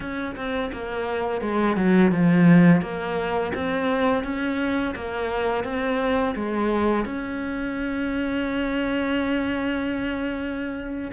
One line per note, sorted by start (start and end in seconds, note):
0.00 0.35 C#4
0.35 0.71 C4
0.73 1.41 A#3
1.41 1.76 G#3
1.76 2.11 F#3
2.11 2.81 F3
2.81 3.52 A#3
3.54 4.23 C4
4.23 4.94 C#4
4.95 5.64 A#3
5.64 6.34 C4
6.35 7.05 G#3
7.05 11.11 C#4